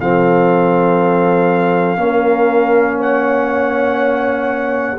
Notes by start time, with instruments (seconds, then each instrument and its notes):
0.00 tuba F3, trombone C4, horn A4, trumpet F5
1.97 tuba A#3, trombone C#4, horn A#4
2.99 horn C#5, trumpet F#5